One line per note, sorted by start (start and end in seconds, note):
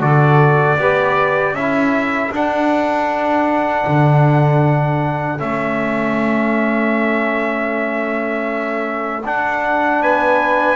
0.00 0.76 D3
0.00 0.78 F#4
0.00 0.78 A4
0.00 1.55 D5
0.76 1.52 B3
0.76 1.56 G4
0.76 1.55 B4
1.52 2.29 C#4
1.52 2.33 E4
1.52 10.01 A4
1.52 2.32 E5
2.31 3.85 D4
2.31 5.38 D4
2.31 5.39 F#5
3.87 5.41 D3
5.38 9.25 A3
5.38 9.23 C#4
5.38 9.24 E5
9.25 10.76 D4
9.25 10.00 D4
9.25 10.02 F#5
10.00 10.76 B3
10.00 10.76 B4
10.00 10.76 G#5